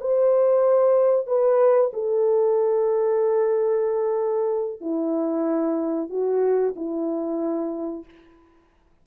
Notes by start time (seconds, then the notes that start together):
0.00 C5
1.27 B4
1.93 A4
4.81 E4
6.09 F#4
6.76 E4